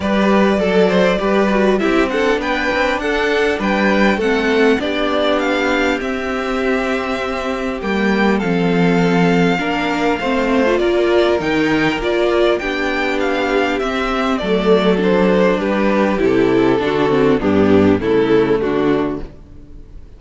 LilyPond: <<
  \new Staff \with { instrumentName = "violin" } { \time 4/4 \tempo 4 = 100 d''2. e''8 fis''8 | g''4 fis''4 g''4 fis''4 | d''4 f''4 e''2~ | e''4 g''4 f''2~ |
f''2 d''4 g''4 | d''4 g''4 f''4 e''4 | d''4 c''4 b'4 a'4~ | a'4 g'4 a'4 fis'4 | }
  \new Staff \with { instrumentName = "violin" } { \time 4/4 b'4 a'8 c''8 b'4 g'8 a'8 | b'4 a'4 b'4 a'4 | g'1~ | g'2 a'2 |
ais'4 c''4 ais'2~ | ais'4 g'2. | a'2 g'2 | fis'4 d'4 e'4 d'4 | }
  \new Staff \with { instrumentName = "viola" } { \time 4/4 g'4 a'4 g'8 fis'8 e'8 d'8~ | d'2. c'4 | d'2 c'2~ | c'4 ais4 c'2 |
d'4 c'8. f'4~ f'16 dis'4 | f'4 d'2 c'4 | a4 d'2 e'4 | d'8 c'8 b4 a2 | }
  \new Staff \with { instrumentName = "cello" } { \time 4/4 g4 fis4 g4 c'4 | b8 c'8 d'4 g4 a4 | b2 c'2~ | c'4 g4 f2 |
ais4 a4 ais4 dis4 | ais4 b2 c'4 | fis2 g4 c4 | d4 g,4 cis4 d4 | }
>>